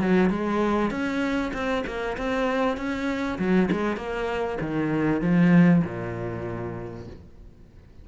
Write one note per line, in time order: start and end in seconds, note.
0.00 0.30 F#3
0.30 0.91 G#3
0.91 1.52 C#4
1.53 1.84 C4
1.86 2.17 A#3
2.17 2.77 C4
2.77 3.38 C#4
3.39 3.69 F#3
3.72 3.97 G#3
3.97 4.58 A#3
4.61 5.22 D#3
5.22 5.83 F3
5.84 7.07 A#2